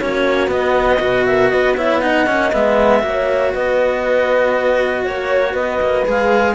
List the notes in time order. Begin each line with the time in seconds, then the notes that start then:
0.00 A#3 C#4 F#4 C#5
0.47 B3 D#5
0.99 B2 F#4 B4
1.26 A#4 E5
1.50 B3 B4 D#5
1.76 E4 C#5 E5
2.01 D#4 D#5 F#5
2.26 A#3 C#4
2.52 G#3 B3 E5
3.00 A#3 F#4 C#5
3.53 B3 B4 D#5
5.04 A#3 C#5
5.53 B3 B4 D#5
5.81 A#3
6.05 G#3 G#4 F5